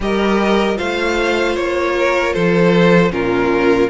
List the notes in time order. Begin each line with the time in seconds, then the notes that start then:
0.00 G3 G4 A#4 D#5
0.76 A3 F4 C5 F5
1.56 A#3 C#5
1.97 A#4
2.33 F3 A4 C5
3.10 A#2 C#4 F4 A#4